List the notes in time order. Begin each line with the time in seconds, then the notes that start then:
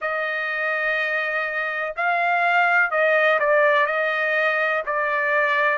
0.00 D#5
1.96 F5
2.90 D#5
3.39 D5
3.86 D#5
4.86 D5